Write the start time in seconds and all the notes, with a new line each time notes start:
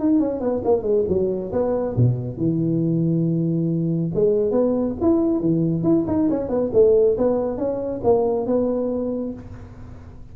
0.00 D#4
0.20 C#4
0.41 B3
0.65 A#3
0.83 G#3
1.09 F#3
1.53 B3
1.97 B2
2.37 E3
4.14 G#3
4.52 B3
5.01 E4
5.41 E3
5.83 E4
6.08 D#4
6.30 C#4
6.49 B3
6.74 A3
7.18 B3
7.58 C#4
8.04 A#3
8.46 B3